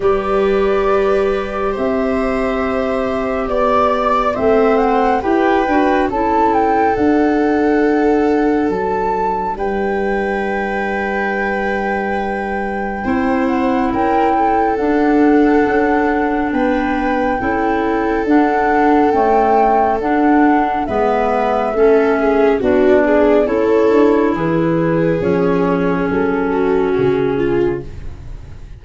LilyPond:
<<
  \new Staff \with { instrumentName = "flute" } { \time 4/4 \tempo 4 = 69 d''2 e''2 | d''4 e''8 fis''8 g''4 a''8 g''8 | fis''2 a''4 g''4~ | g''2.~ g''8 fis''8 |
g''4 fis''2 g''4~ | g''4 fis''4 g''4 fis''4 | e''2 d''4 cis''4 | b'4 cis''4 a'4 gis'4 | }
  \new Staff \with { instrumentName = "viola" } { \time 4/4 b'2 c''2 | d''4 c''4 b'4 a'4~ | a'2. b'4~ | b'2. c''4 |
ais'8 a'2~ a'8 b'4 | a'1 | b'4 a'8 gis'8 fis'8 gis'8 a'4 | gis'2~ gis'8 fis'4 f'8 | }
  \new Staff \with { instrumentName = "clarinet" } { \time 4/4 g'1~ | g'4 c'4 g'8 fis'8 e'4 | d'1~ | d'2. e'4~ |
e'4 d'2. | e'4 d'4 a4 d'4 | b4 cis'4 d'4 e'4~ | e'4 cis'2. | }
  \new Staff \with { instrumentName = "tuba" } { \time 4/4 g2 c'2 | b4 a4 e'8 d'8 cis'4 | d'2 fis4 g4~ | g2. c'4 |
cis'4 d'4 cis'4 b4 | cis'4 d'4 cis'4 d'4 | gis4 a4 b4 cis'8 d'8 | e4 f4 fis4 cis4 | }
>>